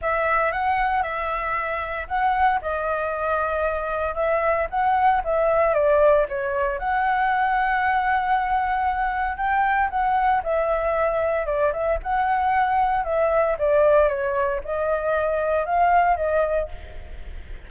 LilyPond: \new Staff \with { instrumentName = "flute" } { \time 4/4 \tempo 4 = 115 e''4 fis''4 e''2 | fis''4 dis''2. | e''4 fis''4 e''4 d''4 | cis''4 fis''2.~ |
fis''2 g''4 fis''4 | e''2 d''8 e''8 fis''4~ | fis''4 e''4 d''4 cis''4 | dis''2 f''4 dis''4 | }